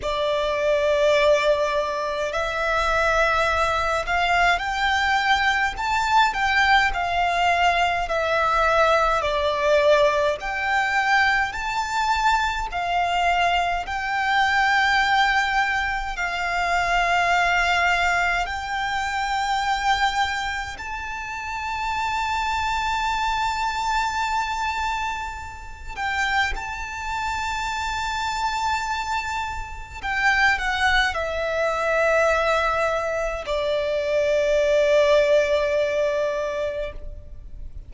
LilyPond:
\new Staff \with { instrumentName = "violin" } { \time 4/4 \tempo 4 = 52 d''2 e''4. f''8 | g''4 a''8 g''8 f''4 e''4 | d''4 g''4 a''4 f''4 | g''2 f''2 |
g''2 a''2~ | a''2~ a''8 g''8 a''4~ | a''2 g''8 fis''8 e''4~ | e''4 d''2. | }